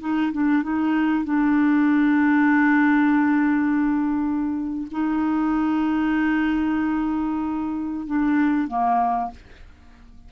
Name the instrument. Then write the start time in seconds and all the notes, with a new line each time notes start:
clarinet
0.00 D#4
0.32 D4
0.62 D#4
1.24 D4
4.91 D#4
8.06 D4
8.67 A#3